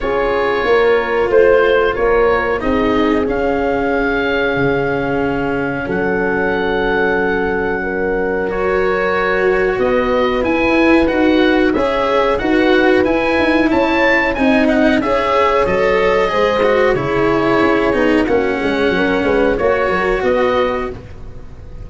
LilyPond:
<<
  \new Staff \with { instrumentName = "oboe" } { \time 4/4 \tempo 4 = 92 cis''2 c''4 cis''4 | dis''4 f''2.~ | f''4 fis''2.~ | fis''4 cis''2 dis''4 |
gis''4 fis''4 e''4 fis''4 | gis''4 a''4 gis''8 fis''8 e''4 | dis''2 cis''2 | fis''2 cis''4 dis''4 | }
  \new Staff \with { instrumentName = "horn" } { \time 4/4 gis'4 ais'4 c''4 ais'4 | gis'1~ | gis'4 a'2. | ais'2. b'4~ |
b'2 cis''4 b'4~ | b'4 cis''4 dis''4 cis''4~ | cis''4 c''4 gis'2 | fis'8 gis'8 ais'8 b'8 cis''8 ais'8 b'4 | }
  \new Staff \with { instrumentName = "cello" } { \time 4/4 f'1 | dis'4 cis'2.~ | cis'1~ | cis'4 fis'2. |
e'4 fis'4 gis'4 fis'4 | e'2 dis'4 gis'4 | a'4 gis'8 fis'8 e'4. dis'8 | cis'2 fis'2 | }
  \new Staff \with { instrumentName = "tuba" } { \time 4/4 cis'4 ais4 a4 ais4 | c'4 cis'2 cis4~ | cis4 fis2.~ | fis2. b4 |
e'4 dis'4 cis'4 dis'4 | e'8 dis'8 cis'4 c'4 cis'4 | fis4 gis4 cis4 cis'8 b8 | ais8 gis8 fis8 gis8 ais8 fis8 b4 | }
>>